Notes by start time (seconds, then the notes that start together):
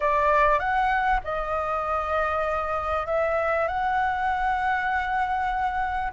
0.00 D5
0.59 F#5
1.24 D#5
3.06 E5
3.67 F#5